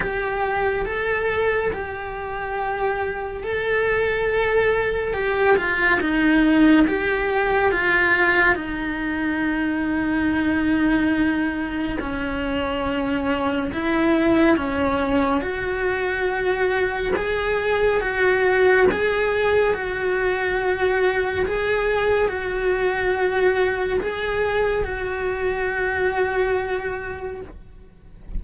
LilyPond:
\new Staff \with { instrumentName = "cello" } { \time 4/4 \tempo 4 = 70 g'4 a'4 g'2 | a'2 g'8 f'8 dis'4 | g'4 f'4 dis'2~ | dis'2 cis'2 |
e'4 cis'4 fis'2 | gis'4 fis'4 gis'4 fis'4~ | fis'4 gis'4 fis'2 | gis'4 fis'2. | }